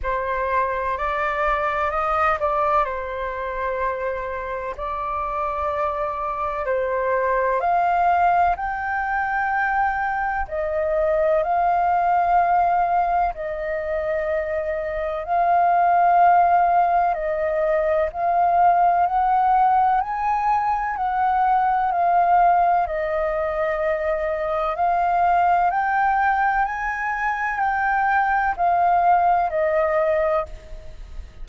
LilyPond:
\new Staff \with { instrumentName = "flute" } { \time 4/4 \tempo 4 = 63 c''4 d''4 dis''8 d''8 c''4~ | c''4 d''2 c''4 | f''4 g''2 dis''4 | f''2 dis''2 |
f''2 dis''4 f''4 | fis''4 gis''4 fis''4 f''4 | dis''2 f''4 g''4 | gis''4 g''4 f''4 dis''4 | }